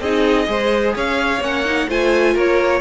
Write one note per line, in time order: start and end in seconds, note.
0.00 0.47 C4
0.00 0.46 D#4
0.00 0.49 G#4
0.00 0.94 D#5
0.46 0.94 G#3
0.46 1.40 G#4
0.46 0.95 C5
0.95 1.40 C#4
0.95 1.88 C#5
0.95 1.43 F5
1.40 1.87 A#3
1.40 1.65 C#4
1.40 1.90 F#5
1.65 1.88 D#4
1.88 2.35 A3
1.88 2.81 F4
1.88 2.33 C5
1.88 2.37 G#5
2.33 2.81 A#3
2.33 2.80 A#4
2.33 2.81 C#5